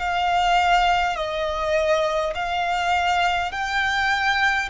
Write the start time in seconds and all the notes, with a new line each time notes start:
0.00 F5
1.17 D#5
2.35 F5
3.52 G5